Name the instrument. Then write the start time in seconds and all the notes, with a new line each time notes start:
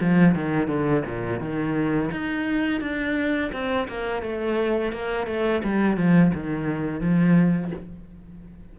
cello
0.00 F3
0.34 D#3
0.67 D3
1.05 A#2
1.40 D#3
2.11 D#4
2.80 D4
3.52 C4
3.88 A#3
4.22 A3
4.92 A#3
5.27 A3
5.63 G3
5.96 F3
6.34 D#3
7.00 F3